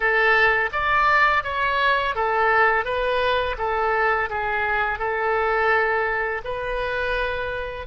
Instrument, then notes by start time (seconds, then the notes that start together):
oboe
0.00 A4
0.72 D5
1.43 C#5
2.15 A4
2.84 B4
3.57 A4
4.29 G#4
4.98 A4
6.44 B4